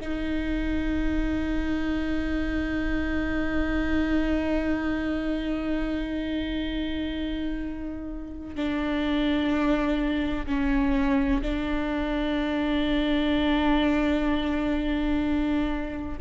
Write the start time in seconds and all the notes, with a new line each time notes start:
0.00 D#4
8.55 D4
10.46 C#4
11.42 D4